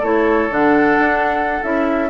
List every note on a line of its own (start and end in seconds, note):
0.00 0.50 A3
0.00 0.50 E4
0.00 2.09 A4
0.00 0.54 C#5
0.50 0.99 D3
0.50 1.61 D4
0.50 1.63 F#5
0.99 1.60 D4
1.63 2.10 C#4
1.63 2.10 E4
1.63 2.10 E5